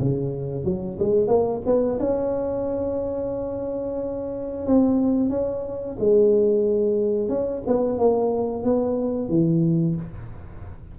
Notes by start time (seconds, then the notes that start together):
0.00 C#3
0.65 F#3
1.00 G#3
1.28 A#3
1.66 B3
2.00 C#4
4.67 C4
5.30 C#4
6.00 G#3
7.29 C#4
7.67 B3
7.99 A#3
8.64 B3
9.29 E3